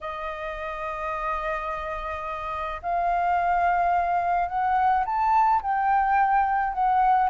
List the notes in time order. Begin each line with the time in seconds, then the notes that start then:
0.00 D#5
2.82 F5
4.48 F#5
5.05 A5
5.62 G5
6.73 F#5